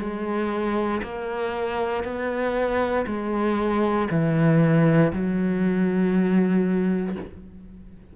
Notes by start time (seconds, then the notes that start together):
0.00 G#3
1.03 A#3
2.04 B3
3.07 G#3
4.11 E3
5.13 F#3